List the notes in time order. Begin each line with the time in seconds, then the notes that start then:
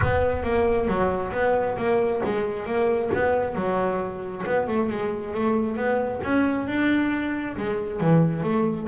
0.01 B3
0.43 A#3
0.87 F#3
1.32 B3
1.77 A#3
2.24 G#3
2.66 A#3
3.14 B3
3.55 F#3
4.45 B3
4.67 A3
4.89 G#3
5.34 A3
5.76 B3
6.23 C#4
6.67 D4
7.56 G#3
8.00 E3
8.43 A3